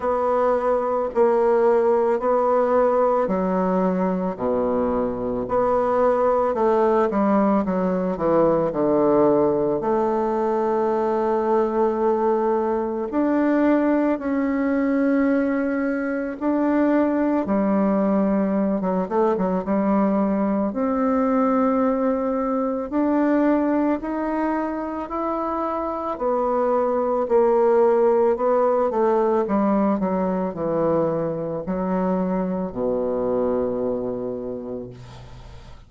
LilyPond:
\new Staff \with { instrumentName = "bassoon" } { \time 4/4 \tempo 4 = 55 b4 ais4 b4 fis4 | b,4 b4 a8 g8 fis8 e8 | d4 a2. | d'4 cis'2 d'4 |
g4~ g16 fis16 a16 fis16 g4 c'4~ | c'4 d'4 dis'4 e'4 | b4 ais4 b8 a8 g8 fis8 | e4 fis4 b,2 | }